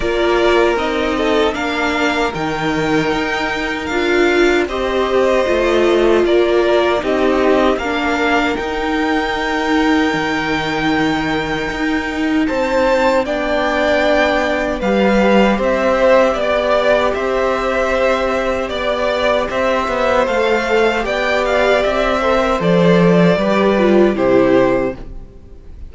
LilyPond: <<
  \new Staff \with { instrumentName = "violin" } { \time 4/4 \tempo 4 = 77 d''4 dis''4 f''4 g''4~ | g''4 f''4 dis''2 | d''4 dis''4 f''4 g''4~ | g''1 |
a''4 g''2 f''4 | e''4 d''4 e''2 | d''4 e''4 f''4 g''8 f''8 | e''4 d''2 c''4 | }
  \new Staff \with { instrumentName = "violin" } { \time 4/4 ais'4. a'8 ais'2~ | ais'2 c''2 | ais'4 g'4 ais'2~ | ais'1 |
c''4 d''2 b'4 | c''4 d''4 c''2 | d''4 c''2 d''4~ | d''8 c''4. b'4 g'4 | }
  \new Staff \with { instrumentName = "viola" } { \time 4/4 f'4 dis'4 d'4 dis'4~ | dis'4 f'4 g'4 f'4~ | f'4 dis'4 d'4 dis'4~ | dis'1~ |
dis'4 d'2 g'4~ | g'1~ | g'2 a'4 g'4~ | g'8 a'16 ais'16 a'4 g'8 f'8 e'4 | }
  \new Staff \with { instrumentName = "cello" } { \time 4/4 ais4 c'4 ais4 dis4 | dis'4 d'4 c'4 a4 | ais4 c'4 ais4 dis'4~ | dis'4 dis2 dis'4 |
c'4 b2 g4 | c'4 b4 c'2 | b4 c'8 b8 a4 b4 | c'4 f4 g4 c4 | }
>>